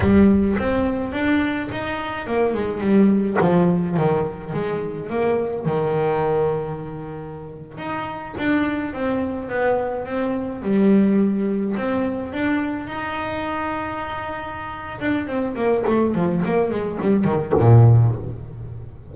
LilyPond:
\new Staff \with { instrumentName = "double bass" } { \time 4/4 \tempo 4 = 106 g4 c'4 d'4 dis'4 | ais8 gis8 g4 f4 dis4 | gis4 ais4 dis2~ | dis4.~ dis16 dis'4 d'4 c'16~ |
c'8. b4 c'4 g4~ g16~ | g8. c'4 d'4 dis'4~ dis'16~ | dis'2~ dis'8 d'8 c'8 ais8 | a8 f8 ais8 gis8 g8 dis8 ais,4 | }